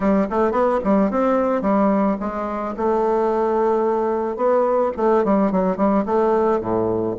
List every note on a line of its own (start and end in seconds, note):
0.00 0.27 G3
0.30 0.51 A3
0.51 0.79 B3
0.84 1.11 G3
1.11 1.61 C4
1.61 2.16 G3
2.19 2.74 G#3
2.76 4.36 A3
4.36 4.91 B3
4.96 5.24 A3
5.24 5.51 G3
5.51 5.76 F#3
5.76 6.04 G3
6.05 6.60 A3
6.60 7.15 A2